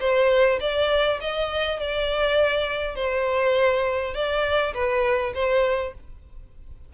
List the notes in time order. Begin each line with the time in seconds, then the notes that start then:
0.00 C5
0.60 D5
1.20 D#5
1.80 D5
2.95 C5
4.14 D5
4.74 B4
5.34 C5